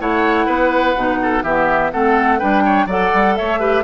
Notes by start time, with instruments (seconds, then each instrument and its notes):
0.00 bassoon A3, clarinet E4, oboe C#5, flute F#5
0.46 bassoon B3, oboe B4
0.96 bassoon B2, clarinet D#4
1.23 oboe A4
1.44 bassoon E3, clarinet B3, oboe G4, flute E5
1.92 bassoon A3, clarinet C4, oboe A4, flute F#5
2.39 bassoon G3, clarinet D4, oboe B4, flute G5
2.65 oboe C#5
2.86 bassoon F#3, clarinet A4, oboe D5, flute F#5
3.14 bassoon G3
3.37 bassoon A3, oboe C#5, flute E5
3.60 clarinet G4, oboe B4